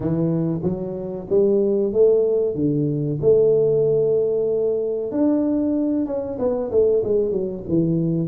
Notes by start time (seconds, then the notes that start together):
0.00 E3
0.62 F#3
1.29 G3
1.92 A3
2.55 D3
3.21 A3
5.11 D4
6.06 C#4
6.38 B3
6.71 A3
7.04 G#3
7.31 F#3
7.68 E3